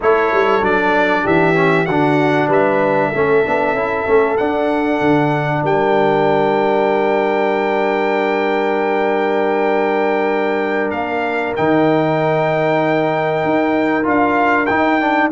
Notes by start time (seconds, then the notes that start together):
0.00 A3 E4 A4 C#5
0.33 G3
0.61 F#3 D4 D5
1.23 E3 G4 E5
1.54 C#4
1.86 D3 D4 F#4 F#5
2.48 G3 B4 E5
3.08 A4
3.14 A3 C#4
3.44 B3 D4
3.72 C#4 E4
4.06 A3 C#4
4.37 D4 F#5
5.00 D3
5.63 G3 A#4 G5
10.90 A#3 F5
11.55 D#3 D#4 G5
13.44 D#4
14.03 D4 F4 F5
14.66 D#4 G5
15.00 D4